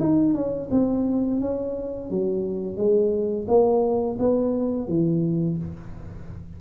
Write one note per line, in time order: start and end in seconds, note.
0.00 0.35 D#4
0.35 0.69 C#4
0.71 1.41 C4
1.41 2.11 C#4
2.11 2.77 F#3
2.77 3.46 G#3
3.48 4.18 A#3
4.19 4.88 B3
4.88 5.58 E3